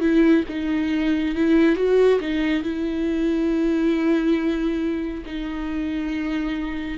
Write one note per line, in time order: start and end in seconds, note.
0.00 0.43 E4
0.49 1.35 D#4
1.35 1.75 E4
1.75 2.19 F#4
2.20 2.63 D#4
2.63 5.24 E4
5.26 6.98 D#4